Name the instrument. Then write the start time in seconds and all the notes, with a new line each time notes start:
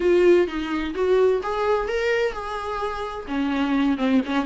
viola
0.00 F4
0.47 D#4
0.94 F#4
1.42 G#4
1.88 A#4
2.32 G#4
3.27 C#4
3.97 C4
4.25 C#4